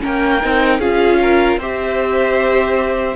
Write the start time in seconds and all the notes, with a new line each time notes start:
0.00 A#3 C#4 A#4 G5
0.41 C4 D#4
0.79 C#4 F4 G#4 F5
1.22 A#4
1.56 C4 G4 C5 E5